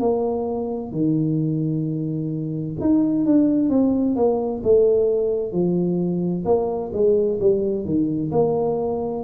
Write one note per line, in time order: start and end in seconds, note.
0.00 0.92 A#3
0.92 2.77 D#3
2.81 3.26 D#4
3.26 3.70 D4
3.70 4.16 C4
4.16 4.62 A#3
4.64 5.52 A3
5.52 6.44 F3
6.45 6.91 A#3
6.93 7.39 G#3
7.41 7.85 G3
7.85 8.32 D#3
8.32 9.24 A#3